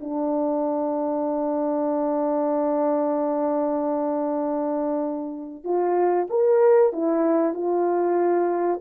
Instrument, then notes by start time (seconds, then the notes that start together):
horn
0.00 D4
5.64 F4
6.30 A#4
6.92 E4
7.54 F4